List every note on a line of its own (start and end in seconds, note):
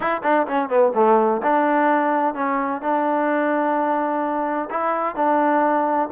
0.00 0.21 E4
0.23 0.46 D4
0.47 0.69 C#4
0.69 0.92 B3
0.94 1.41 A3
1.43 2.34 D4
2.34 2.81 C#4
2.81 4.69 D4
4.70 5.15 E4
5.15 6.09 D4